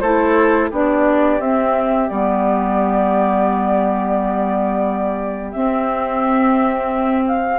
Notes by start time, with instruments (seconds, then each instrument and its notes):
0.00 bassoon A3, clarinet E4, oboe A4, flute C5
0.70 bassoon B3, clarinet D4, oboe G4, flute D5
1.40 bassoon C4, clarinet C4, flute E5
2.09 bassoon G3, clarinet B3, flute D5
5.52 clarinet C4, bassoon C4, flute E5
7.28 flute F5